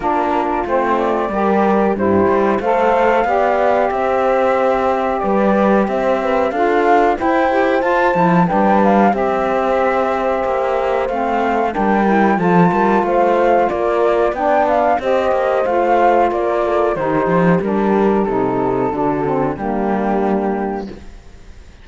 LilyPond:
<<
  \new Staff \with { instrumentName = "flute" } { \time 4/4 \tempo 4 = 92 ais'4 c''8 d''4. c''4 | f''2 e''2 | d''4 e''4 f''4 g''4 | a''4 g''8 f''8 e''2~ |
e''4 f''4 g''4 a''4 | f''4 d''4 g''8 f''8 dis''4 | f''4 d''4 c''4 ais'4 | a'2 g'2 | }
  \new Staff \with { instrumentName = "horn" } { \time 4/4 f'2 ais'4 g'4 | c''4 d''4 c''2 | b'4 c''8 b'8 a'4 c''4~ | c''4 b'4 c''2~ |
c''2 ais'4 a'8 ais'8 | c''4 ais'4 d''4 c''4~ | c''4 ais'8 a'8 g'2~ | g'4 fis'4 d'2 | }
  \new Staff \with { instrumentName = "saxophone" } { \time 4/4 d'4 c'4 g'4 e'4 | a'4 g'2.~ | g'2 f'4 e'8 g'8 | f'8 e'8 d'4 g'2~ |
g'4 c'4 d'8 e'8 f'4~ | f'2 d'4 g'4 | f'2 dis'4 d'4 | dis'4 d'8 c'8 ais2 | }
  \new Staff \with { instrumentName = "cello" } { \time 4/4 ais4 a4 g4 g,8 g8 | a4 b4 c'2 | g4 c'4 d'4 e'4 | f'8 f8 g4 c'2 |
ais4 a4 g4 f8 g8 | a4 ais4 b4 c'8 ais8 | a4 ais4 dis8 f8 g4 | c4 d4 g2 | }
>>